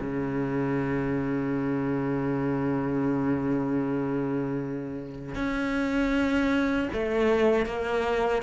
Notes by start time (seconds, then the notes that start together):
0.00 C#3
5.34 C#4
6.93 A3
7.65 A#3